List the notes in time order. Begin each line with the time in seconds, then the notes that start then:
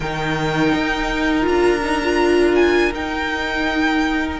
0.00 D#3 D#4 A#4 G5
0.74 D#4
1.42 D4 F4 A#5
1.83 D#4
2.02 F4
2.55 G#5
2.92 D#4 G5